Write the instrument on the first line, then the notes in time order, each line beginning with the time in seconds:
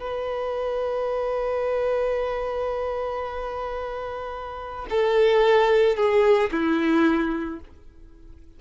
violin
0.00 B4
4.90 A4
5.96 G#4
6.52 E4